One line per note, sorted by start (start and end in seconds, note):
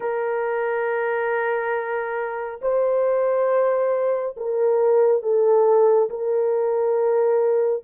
0.00 2.60 A#4
2.61 4.35 C5
4.36 5.22 A#4
5.22 6.09 A4
6.09 7.83 A#4